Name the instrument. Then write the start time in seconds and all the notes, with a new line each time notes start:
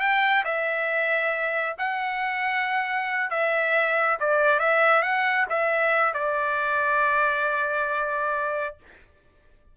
trumpet
0.00 G5
0.45 E5
1.78 F#5
3.30 E5
4.20 D5
4.59 E5
5.02 F#5
5.49 E5
6.14 D5